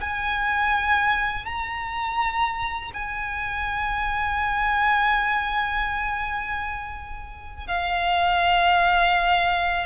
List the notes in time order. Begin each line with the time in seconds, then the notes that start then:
0.00 G#5
1.45 A#5
2.93 G#5
7.67 F5